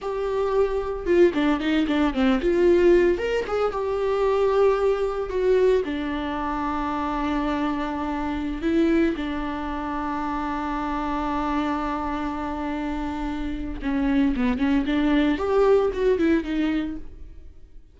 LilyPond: \new Staff \with { instrumentName = "viola" } { \time 4/4 \tempo 4 = 113 g'2 f'8 d'8 dis'8 d'8 | c'8 f'4. ais'8 gis'8 g'4~ | g'2 fis'4 d'4~ | d'1~ |
d'16 e'4 d'2~ d'8.~ | d'1~ | d'2 cis'4 b8 cis'8 | d'4 g'4 fis'8 e'8 dis'4 | }